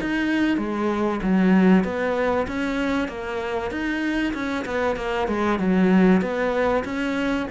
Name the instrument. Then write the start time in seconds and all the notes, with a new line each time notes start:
cello
0.00 D#4
0.57 G#3
1.22 F#3
1.84 B3
2.47 C#4
3.08 A#3
3.70 D#4
4.34 C#4
4.65 B3
4.96 A#3
5.27 G#3
5.59 F#3
6.21 B3
6.84 C#4